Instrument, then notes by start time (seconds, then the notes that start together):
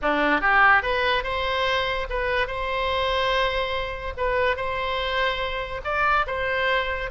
oboe
0.02 D4
0.41 G4
0.82 B4
1.23 C5
2.09 B4
2.47 C5
4.17 B4
4.56 C5
5.84 D5
6.27 C5